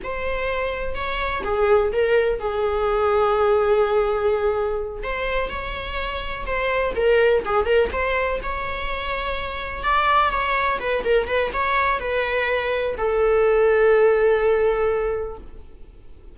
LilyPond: \new Staff \with { instrumentName = "viola" } { \time 4/4 \tempo 4 = 125 c''2 cis''4 gis'4 | ais'4 gis'2.~ | gis'2~ gis'8 c''4 cis''8~ | cis''4. c''4 ais'4 gis'8 |
ais'8 c''4 cis''2~ cis''8~ | cis''8 d''4 cis''4 b'8 ais'8 b'8 | cis''4 b'2 a'4~ | a'1 | }